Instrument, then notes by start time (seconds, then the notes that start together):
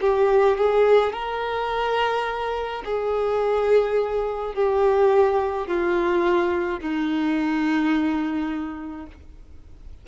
violin
0.00 G4
0.57 G#4
1.12 A#4
2.85 G#4
4.54 G4
5.67 F4
6.80 D#4